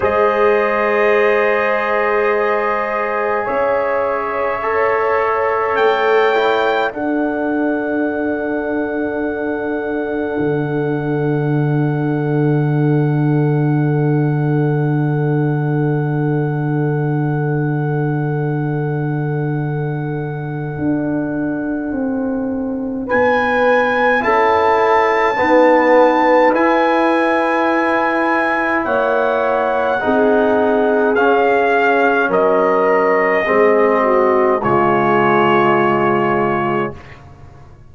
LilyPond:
<<
  \new Staff \with { instrumentName = "trumpet" } { \time 4/4 \tempo 4 = 52 dis''2. e''4~ | e''4 g''4 fis''2~ | fis''1~ | fis''1~ |
fis''1 | gis''4 a''2 gis''4~ | gis''4 fis''2 f''4 | dis''2 cis''2 | }
  \new Staff \with { instrumentName = "horn" } { \time 4/4 c''2. cis''4~ | cis''2 a'2~ | a'1~ | a'1~ |
a'1 | b'4 a'4 b'2~ | b'4 cis''4 gis'2 | ais'4 gis'8 fis'8 f'2 | }
  \new Staff \with { instrumentName = "trombone" } { \time 4/4 gis'1 | a'4. e'8 d'2~ | d'1~ | d'1~ |
d'1~ | d'4 e'4 b4 e'4~ | e'2 dis'4 cis'4~ | cis'4 c'4 gis2 | }
  \new Staff \with { instrumentName = "tuba" } { \time 4/4 gis2. cis'4~ | cis'4 a4 d'2~ | d'4 d2.~ | d1~ |
d2 d'4 c'4 | b4 cis'4 dis'4 e'4~ | e'4 ais4 c'4 cis'4 | fis4 gis4 cis2 | }
>>